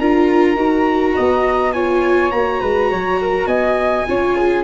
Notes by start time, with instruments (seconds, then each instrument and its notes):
0.00 tuba D4, viola F4, flute A#4, trumpet A#5
0.56 tuba D#4, viola F#4
1.15 tuba B3, flute D#5
1.73 viola F4, flute C#5, trumpet G#5
2.31 tuba A#3, viola F#4, trumpet A#5
2.61 tuba G#3, flute B4
2.91 tuba F#3, flute C#5
3.22 flute A#4
3.47 tuba B3, flute D#5, trumpet G#5
4.07 tuba C#4, viola F4, flute C#5
4.37 flute G#4